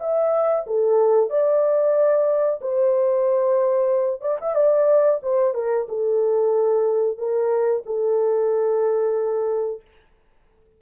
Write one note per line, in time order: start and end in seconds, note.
0.00 0.65 E5
0.67 1.30 A4
1.30 2.60 D5
2.61 4.21 C5
4.21 4.37 D5
4.41 4.55 E5
4.55 5.20 D5
5.22 5.54 C5
5.54 5.87 A#4
5.89 7.17 A4
7.17 7.83 A#4
7.86 9.81 A4